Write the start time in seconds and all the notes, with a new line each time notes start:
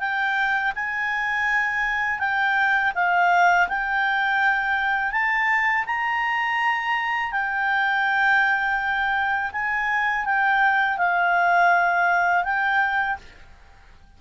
0.00 G5
0.75 G#5
2.20 G5
2.95 F5
3.69 G5
5.12 A5
5.87 A#5
7.32 G5
9.53 G#5
10.26 G5
10.98 F5
12.45 G5